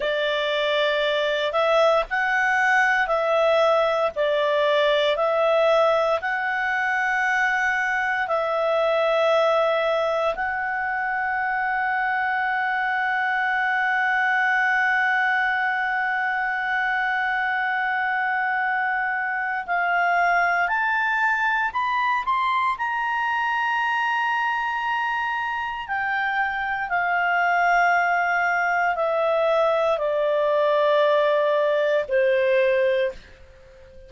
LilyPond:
\new Staff \with { instrumentName = "clarinet" } { \time 4/4 \tempo 4 = 58 d''4. e''8 fis''4 e''4 | d''4 e''4 fis''2 | e''2 fis''2~ | fis''1~ |
fis''2. f''4 | a''4 b''8 c'''8 ais''2~ | ais''4 g''4 f''2 | e''4 d''2 c''4 | }